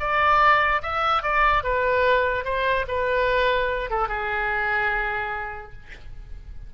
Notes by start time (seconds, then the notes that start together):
0.00 D5
0.83 E5
1.23 D5
1.64 B4
2.45 C5
2.88 B4
3.90 A4
4.09 G#4